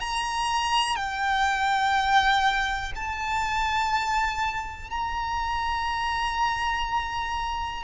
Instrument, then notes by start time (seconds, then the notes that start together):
violin
0.00 A#5
0.96 G5
2.95 A5
4.90 A#5